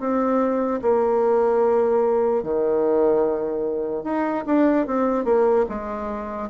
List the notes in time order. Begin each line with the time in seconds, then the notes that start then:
0.00 C4
0.82 A#3
2.43 D#3
4.04 D#4
4.46 D4
4.87 C4
5.25 A#3
5.69 G#3